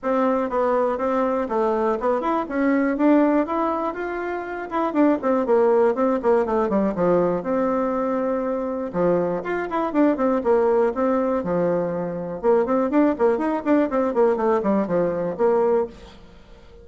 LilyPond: \new Staff \with { instrumentName = "bassoon" } { \time 4/4 \tempo 4 = 121 c'4 b4 c'4 a4 | b8 e'8 cis'4 d'4 e'4 | f'4. e'8 d'8 c'8 ais4 | c'8 ais8 a8 g8 f4 c'4~ |
c'2 f4 f'8 e'8 | d'8 c'8 ais4 c'4 f4~ | f4 ais8 c'8 d'8 ais8 dis'8 d'8 | c'8 ais8 a8 g8 f4 ais4 | }